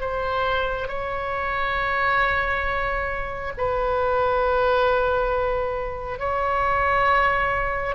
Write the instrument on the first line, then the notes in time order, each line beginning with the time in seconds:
oboe
0.00 C5
0.87 C#5
3.57 B4
6.18 C#5